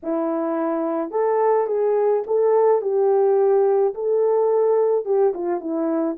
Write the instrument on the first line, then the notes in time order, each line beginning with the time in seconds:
horn
0.02 E4
1.11 A4
1.67 G#4
2.26 A4
2.81 G4
3.94 A4
5.05 G4
5.33 F4
5.60 E4